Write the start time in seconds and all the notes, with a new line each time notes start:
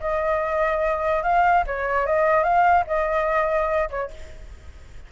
0.00 D#5
1.23 F5
1.67 C#5
2.06 D#5
2.43 F5
2.87 D#5
3.90 C#5